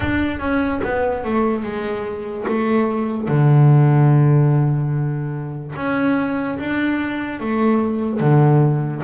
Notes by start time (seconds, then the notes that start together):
0.00 D4
0.39 C#4
0.83 B3
1.24 A3
1.63 G#3
2.47 A3
3.28 D3
5.76 C#4
6.59 D4
7.40 A3
8.20 D3